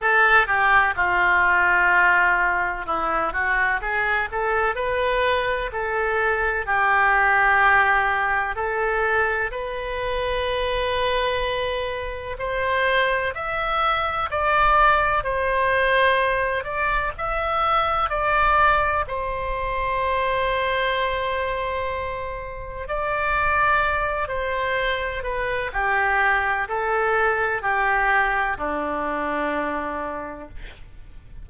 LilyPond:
\new Staff \with { instrumentName = "oboe" } { \time 4/4 \tempo 4 = 63 a'8 g'8 f'2 e'8 fis'8 | gis'8 a'8 b'4 a'4 g'4~ | g'4 a'4 b'2~ | b'4 c''4 e''4 d''4 |
c''4. d''8 e''4 d''4 | c''1 | d''4. c''4 b'8 g'4 | a'4 g'4 d'2 | }